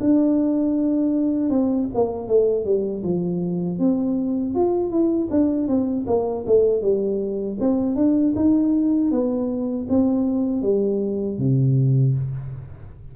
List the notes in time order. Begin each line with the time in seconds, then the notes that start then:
0.00 D4
1.49 C4
1.94 A#3
2.28 A3
2.65 G3
3.03 F3
3.79 C4
4.55 F4
4.90 E4
5.30 D4
5.68 C4
6.07 A#3
6.46 A3
6.81 G3
7.60 C4
7.95 D4
8.35 D#4
9.11 B3
9.89 C4
10.62 G3
11.38 C3